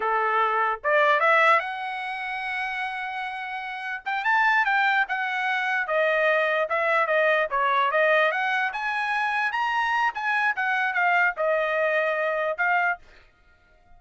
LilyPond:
\new Staff \with { instrumentName = "trumpet" } { \time 4/4 \tempo 4 = 148 a'2 d''4 e''4 | fis''1~ | fis''2 g''8 a''4 g''8~ | g''8 fis''2 dis''4.~ |
dis''8 e''4 dis''4 cis''4 dis''8~ | dis''8 fis''4 gis''2 ais''8~ | ais''4 gis''4 fis''4 f''4 | dis''2. f''4 | }